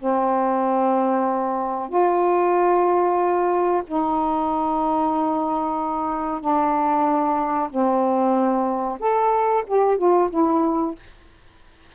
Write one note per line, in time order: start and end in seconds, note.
0.00 1.90 C4
1.90 3.83 F4
3.88 6.41 D#4
6.41 7.70 D4
7.70 8.99 C4
9.00 9.64 A4
9.67 9.98 G4
9.98 10.30 F4
10.31 10.95 E4